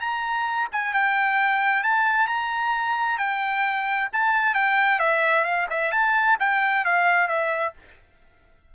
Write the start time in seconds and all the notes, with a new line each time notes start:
0.00 A#5
0.72 G#5
0.94 G5
1.83 A5
2.27 A#5
3.18 G5
4.13 A5
4.55 G5
4.99 E5
5.44 F5
5.70 E5
5.92 A5
6.39 G5
6.85 F5
7.28 E5